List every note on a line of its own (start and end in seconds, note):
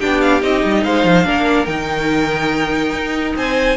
0.00 0.42 B3
0.00 0.41 D4
0.00 0.84 G4
0.00 0.21 G5
0.21 0.42 F5
0.41 0.63 C4
0.41 1.24 D#4
0.41 0.84 D#5
0.64 0.84 G3
0.84 1.04 G#3
0.84 1.26 C5
0.84 1.65 F5
1.04 1.25 F3
1.24 1.67 A#3
1.24 1.66 D4
1.24 3.36 A#4
1.65 2.93 D#3
1.65 3.77 D#4
1.65 3.33 G5
2.93 3.35 D#4
3.36 3.77 C4
3.36 3.77 C5
3.36 3.77 G#5